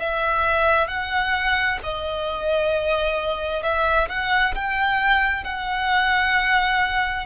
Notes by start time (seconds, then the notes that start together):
0.00 E5
0.88 F#5
1.84 D#5
3.64 E5
4.10 F#5
4.55 G5
5.45 F#5